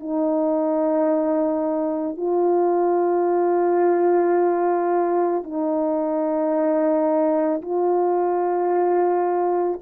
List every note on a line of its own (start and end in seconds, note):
0.00 2.17 D#4
2.17 5.43 F4
5.43 7.62 D#4
7.62 9.80 F4